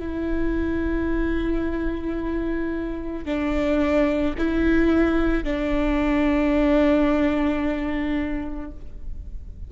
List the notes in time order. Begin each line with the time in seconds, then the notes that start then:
0.00 E4
3.26 D4
4.38 E4
5.44 D4